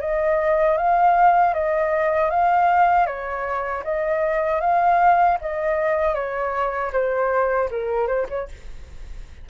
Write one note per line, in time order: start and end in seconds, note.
0.00 0.77 D#5
0.77 1.53 F5
1.53 2.30 D#5
2.30 3.06 F5
3.06 3.83 C#5
3.83 4.60 D#5
4.60 5.37 F5
5.41 6.14 D#5
6.14 6.91 C#5
6.92 7.69 C5
7.70 8.07 A#4
8.07 8.26 C5
8.28 8.48 C#5